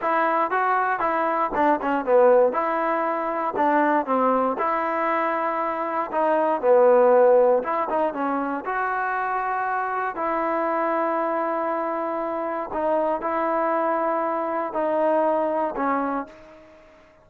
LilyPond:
\new Staff \with { instrumentName = "trombone" } { \time 4/4 \tempo 4 = 118 e'4 fis'4 e'4 d'8 cis'8 | b4 e'2 d'4 | c'4 e'2. | dis'4 b2 e'8 dis'8 |
cis'4 fis'2. | e'1~ | e'4 dis'4 e'2~ | e'4 dis'2 cis'4 | }